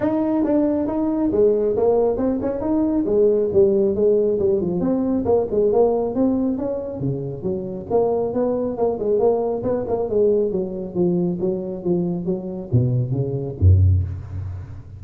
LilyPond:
\new Staff \with { instrumentName = "tuba" } { \time 4/4 \tempo 4 = 137 dis'4 d'4 dis'4 gis4 | ais4 c'8 cis'8 dis'4 gis4 | g4 gis4 g8 f8 c'4 | ais8 gis8 ais4 c'4 cis'4 |
cis4 fis4 ais4 b4 | ais8 gis8 ais4 b8 ais8 gis4 | fis4 f4 fis4 f4 | fis4 b,4 cis4 fis,4 | }